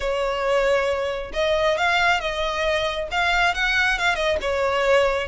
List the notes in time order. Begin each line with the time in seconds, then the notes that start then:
0.00 C#5
1.33 D#5
1.77 F5
2.20 D#5
3.11 F5
3.54 F#5
3.98 F5
4.15 D#5
4.41 C#5